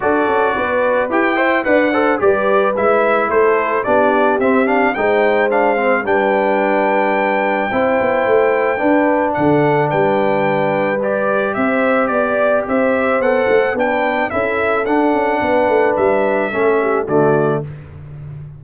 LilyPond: <<
  \new Staff \with { instrumentName = "trumpet" } { \time 4/4 \tempo 4 = 109 d''2 g''4 fis''4 | d''4 e''4 c''4 d''4 | e''8 f''8 g''4 f''4 g''4~ | g''1~ |
g''4 fis''4 g''2 | d''4 e''4 d''4 e''4 | fis''4 g''4 e''4 fis''4~ | fis''4 e''2 d''4 | }
  \new Staff \with { instrumentName = "horn" } { \time 4/4 a'4 b'4. e''8 d''8 c''8 | b'2 a'4 g'4~ | g'4 c''2 b'4~ | b'2 c''2 |
b'4 a'4 b'2~ | b'4 c''4 d''4 c''4~ | c''4 b'4 a'2 | b'2 a'8 g'8 fis'4 | }
  \new Staff \with { instrumentName = "trombone" } { \time 4/4 fis'2 g'8 c''8 b'8 a'8 | g'4 e'2 d'4 | c'8 d'8 dis'4 d'8 c'8 d'4~ | d'2 e'2 |
d'1 | g'1 | a'4 d'4 e'4 d'4~ | d'2 cis'4 a4 | }
  \new Staff \with { instrumentName = "tuba" } { \time 4/4 d'8 cis'8 b4 e'4 d'4 | g4 gis4 a4 b4 | c'4 gis2 g4~ | g2 c'8 b8 a4 |
d'4 d4 g2~ | g4 c'4 b4 c'4 | b8 a8 b4 cis'4 d'8 cis'8 | b8 a8 g4 a4 d4 | }
>>